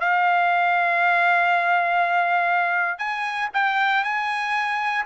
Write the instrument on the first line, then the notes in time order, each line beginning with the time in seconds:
trumpet
0.00 F5
2.98 G#5
3.53 G5
4.04 G#5